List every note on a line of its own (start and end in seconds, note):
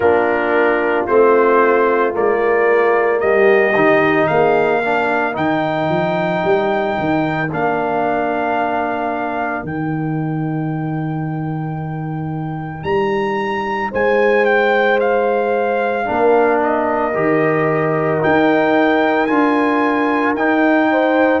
0.00 1.05 A#3
0.00 1.08 D4
0.00 3.21 F4
0.00 1.05 A#4
1.06 2.15 A3
1.06 2.12 C4
1.06 2.14 C5
2.12 3.22 G#3
2.12 3.73 A#3
2.12 3.20 D5
3.20 3.75 G3
3.20 4.29 G4
3.20 4.27 D#5
3.75 4.28 D#3
3.75 4.82 D#4
4.27 5.36 A#3
4.27 4.81 G#4
4.27 5.34 F5
4.81 5.33 D4
4.81 13.91 A#4
5.33 5.89 D#3
5.33 7.47 D#4
5.33 7.50 G5
5.89 6.42 F3
6.44 6.97 G3
6.99 7.52 D#3
7.52 9.63 A#3
7.52 9.65 D4
7.52 9.65 F5
9.63 12.83 D#3
9.63 16.04 D#4
9.63 12.83 G5
12.83 13.90 G3
12.83 13.90 A#5
13.91 16.08 G#3
13.91 16.05 C5
13.91 14.45 G#5
14.45 14.98 G5
15.00 16.60 F5
16.04 17.15 A#3
16.04 17.12 D4
16.04 20.90 A#4
16.62 18.23 D#5
17.14 18.22 D#3
17.14 18.20 G4
18.20 19.27 D#4
18.20 19.29 D#4
18.20 19.26 G5
19.26 20.34 D4
19.26 20.35 F4
19.26 20.33 G#5
20.34 21.40 D#4
20.34 21.40 G5
20.91 21.40 C5